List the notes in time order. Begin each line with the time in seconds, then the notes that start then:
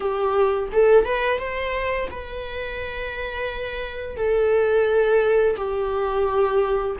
0.00 G4
0.72 A4
1.05 B4
1.38 C5
2.10 B4
4.16 A4
5.57 G4